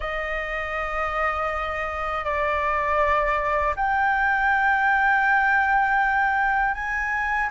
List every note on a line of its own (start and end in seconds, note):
0.00 2.24 D#5
2.24 3.74 D5
3.76 6.74 G5
6.74 7.49 G#5